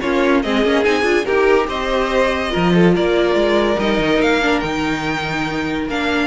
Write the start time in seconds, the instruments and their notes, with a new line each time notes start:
0.00 cello A#3, viola C#4, violin F4 C#5
0.42 cello G#3, viola C4, violin G#4 D#5
0.64 cello A#3, viola C#4
0.84 cello C4, viola D#4, violin G#5
1.02 cello D4, viola F4
1.25 cello D#4, violin G4 A#4, viola G4
1.68 cello C4, violin C5 D#5
2.50 viola F4, violin A#4
2.56 cello F3
2.74 violin A4
2.94 cello A#3, violin A#4 D5
3.35 cello G#3
3.78 cello G3, viola D#4, violin D#5
3.98 cello D#3
4.20 cello A#3, violin F5
4.42 viola D4
4.60 cello D#3, viola D#4, violin G5
5.88 cello A#3, viola D4, violin F5